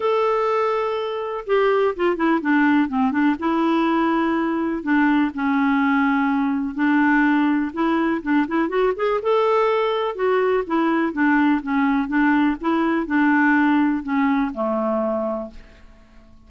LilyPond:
\new Staff \with { instrumentName = "clarinet" } { \time 4/4 \tempo 4 = 124 a'2. g'4 | f'8 e'8 d'4 c'8 d'8 e'4~ | e'2 d'4 cis'4~ | cis'2 d'2 |
e'4 d'8 e'8 fis'8 gis'8 a'4~ | a'4 fis'4 e'4 d'4 | cis'4 d'4 e'4 d'4~ | d'4 cis'4 a2 | }